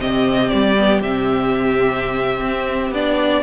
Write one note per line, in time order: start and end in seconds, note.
0.00 0.52 C3
0.00 0.76 C4
0.00 3.44 G4
0.00 0.49 D#5
0.49 1.02 G3
0.49 1.00 D5
0.78 1.04 B3
1.02 2.41 C3
1.02 2.94 C4
1.02 2.94 E5
2.41 2.91 C4
2.91 3.42 B3
2.91 3.44 D4
2.91 3.44 D5